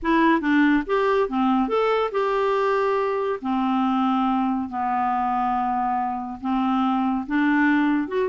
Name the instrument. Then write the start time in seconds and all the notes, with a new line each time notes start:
clarinet
0.02 E4
0.40 D4
0.86 G4
1.28 C4
1.68 A4
2.11 G4
3.41 C4
4.69 B3
6.40 C4
7.26 D4
8.08 F#4